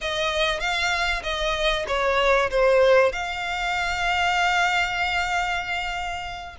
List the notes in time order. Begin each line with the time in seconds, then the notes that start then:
0.01 D#5
0.60 F5
1.23 D#5
1.87 C#5
2.50 C5
3.12 F5